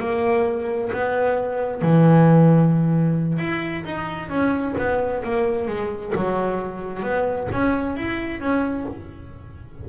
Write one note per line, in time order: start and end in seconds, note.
0.00 0.91 A#3
0.93 1.82 B3
1.82 3.39 E3
3.39 3.84 E4
3.85 4.29 D#4
4.29 4.75 C#4
4.78 5.24 B3
5.24 5.68 A#3
5.68 6.13 G#3
6.16 7.03 F#3
7.03 7.48 B3
7.52 7.97 C#4
7.97 8.40 E4
8.40 8.86 C#4